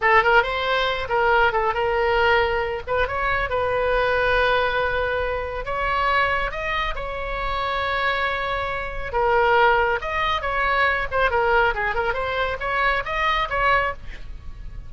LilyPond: \new Staff \with { instrumentName = "oboe" } { \time 4/4 \tempo 4 = 138 a'8 ais'8 c''4. ais'4 a'8 | ais'2~ ais'8 b'8 cis''4 | b'1~ | b'4 cis''2 dis''4 |
cis''1~ | cis''4 ais'2 dis''4 | cis''4. c''8 ais'4 gis'8 ais'8 | c''4 cis''4 dis''4 cis''4 | }